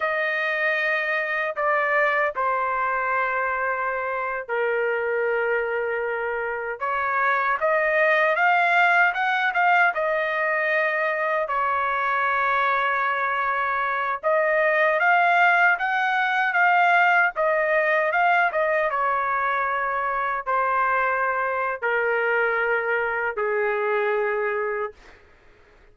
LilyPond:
\new Staff \with { instrumentName = "trumpet" } { \time 4/4 \tempo 4 = 77 dis''2 d''4 c''4~ | c''4.~ c''16 ais'2~ ais'16~ | ais'8. cis''4 dis''4 f''4 fis''16~ | fis''16 f''8 dis''2 cis''4~ cis''16~ |
cis''2~ cis''16 dis''4 f''8.~ | f''16 fis''4 f''4 dis''4 f''8 dis''16~ | dis''16 cis''2 c''4.~ c''16 | ais'2 gis'2 | }